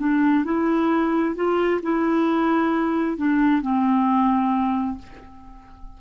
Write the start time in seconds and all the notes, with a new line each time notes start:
0.00 D4
0.45 E4
1.36 F4
1.83 E4
3.18 D4
3.62 C4